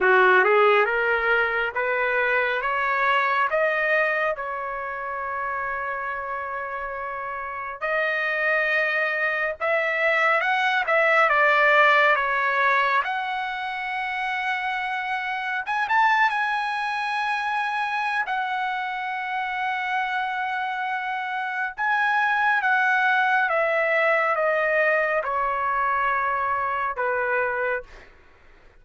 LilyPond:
\new Staff \with { instrumentName = "trumpet" } { \time 4/4 \tempo 4 = 69 fis'8 gis'8 ais'4 b'4 cis''4 | dis''4 cis''2.~ | cis''4 dis''2 e''4 | fis''8 e''8 d''4 cis''4 fis''4~ |
fis''2 gis''16 a''8 gis''4~ gis''16~ | gis''4 fis''2.~ | fis''4 gis''4 fis''4 e''4 | dis''4 cis''2 b'4 | }